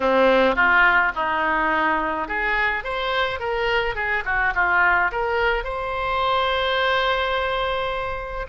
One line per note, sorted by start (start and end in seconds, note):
0.00 0.55 C4
0.55 1.12 F4
1.15 2.27 D#4
2.27 2.84 G#4
2.84 3.39 C5
3.39 3.95 A#4
3.95 4.23 G#4
4.25 4.53 F#4
4.54 5.11 F4
5.11 5.63 A#4
5.63 8.46 C5